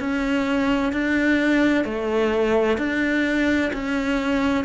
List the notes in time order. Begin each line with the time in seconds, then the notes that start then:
0.00 C#4
0.92 D4
1.85 A3
2.78 D4
3.73 C#4